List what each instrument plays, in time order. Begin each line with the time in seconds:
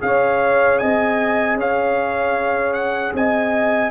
0.00 tuba C#4, trombone G#4, horn C#5, trumpet F5
0.79 tuba C4, horn D#5, trumpet G#5
1.56 tuba C#4, horn C#5, trumpet F5
2.74 trumpet F#5
3.14 tuba C4, horn D#5, trumpet G#5